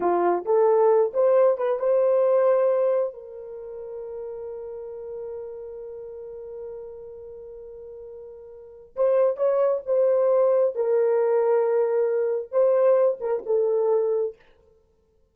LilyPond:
\new Staff \with { instrumentName = "horn" } { \time 4/4 \tempo 4 = 134 f'4 a'4. c''4 b'8 | c''2. ais'4~ | ais'1~ | ais'1~ |
ais'1 | c''4 cis''4 c''2 | ais'1 | c''4. ais'8 a'2 | }